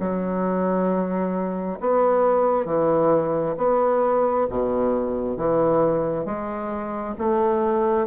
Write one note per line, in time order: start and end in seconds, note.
0.00 1.79 F#3
1.80 2.65 B3
2.65 3.55 E3
3.57 4.47 B3
4.50 5.37 B2
5.37 6.26 E3
6.26 7.15 G#3
7.18 8.07 A3